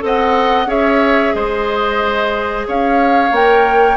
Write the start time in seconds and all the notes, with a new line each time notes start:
0.00 C4 A4 D#5
0.06 F#5
0.67 C#4 G#4 C#5 E5
1.35 G#3 C5 D#5
2.68 C#4 C#5 F5
3.32 A#3 A#4 G5